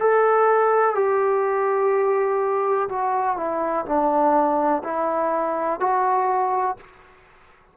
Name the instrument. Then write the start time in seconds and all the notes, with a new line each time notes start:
trombone
0.00 A4
0.95 G4
2.89 F#4
3.37 E4
3.86 D4
4.84 E4
5.81 F#4